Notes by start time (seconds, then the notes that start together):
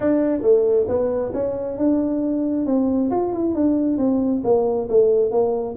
0.00 D4
0.41 A3
0.87 B3
1.33 C#4
1.77 D4
2.65 C4
3.10 F4
3.32 E4
3.54 D4
3.97 C4
4.43 A#3
4.89 A3
5.31 A#3